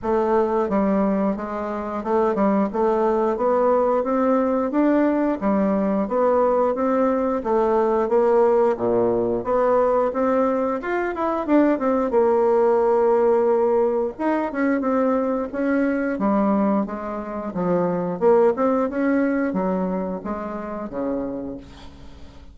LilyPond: \new Staff \with { instrumentName = "bassoon" } { \time 4/4 \tempo 4 = 89 a4 g4 gis4 a8 g8 | a4 b4 c'4 d'4 | g4 b4 c'4 a4 | ais4 ais,4 b4 c'4 |
f'8 e'8 d'8 c'8 ais2~ | ais4 dis'8 cis'8 c'4 cis'4 | g4 gis4 f4 ais8 c'8 | cis'4 fis4 gis4 cis4 | }